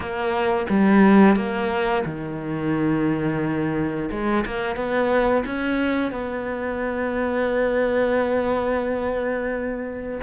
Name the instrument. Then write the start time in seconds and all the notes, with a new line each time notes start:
cello
0.00 A#3
0.69 G3
1.35 A#3
2.05 D#3
4.10 G#3
4.45 A#3
4.75 B3
5.45 C#4
6.11 B3